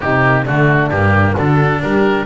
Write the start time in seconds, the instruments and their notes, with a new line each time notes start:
0.00 double bass C3, cello C4, horn D#4, oboe G4
0.22 cello A#3
0.44 double bass D3, cello A3, horn D4, oboe F#4
0.89 double bass G2, cello A#3, oboe G4
1.34 double bass D3, cello D4, horn F#4, oboe A4
1.81 double bass G3, horn G4, oboe A#4